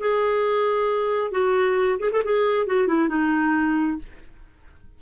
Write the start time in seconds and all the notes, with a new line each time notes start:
0.00 G#4
1.32 F#4
2.00 G#4
2.12 A4
2.24 G#4
2.67 F#4
2.88 E4
3.09 D#4